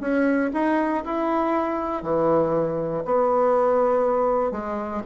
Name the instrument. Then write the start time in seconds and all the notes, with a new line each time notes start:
bassoon
0.00 C#4
0.54 D#4
1.05 E4
2.03 E3
3.05 B3
4.51 G#3